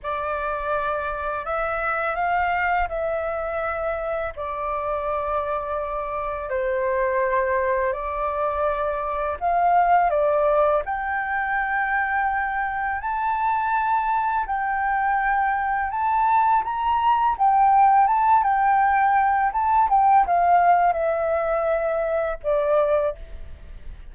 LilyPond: \new Staff \with { instrumentName = "flute" } { \time 4/4 \tempo 4 = 83 d''2 e''4 f''4 | e''2 d''2~ | d''4 c''2 d''4~ | d''4 f''4 d''4 g''4~ |
g''2 a''2 | g''2 a''4 ais''4 | g''4 a''8 g''4. a''8 g''8 | f''4 e''2 d''4 | }